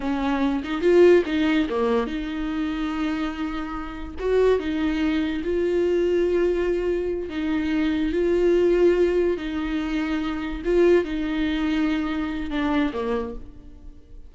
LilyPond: \new Staff \with { instrumentName = "viola" } { \time 4/4 \tempo 4 = 144 cis'4. dis'8 f'4 dis'4 | ais4 dis'2.~ | dis'2 fis'4 dis'4~ | dis'4 f'2.~ |
f'4. dis'2 f'8~ | f'2~ f'8 dis'4.~ | dis'4. f'4 dis'4.~ | dis'2 d'4 ais4 | }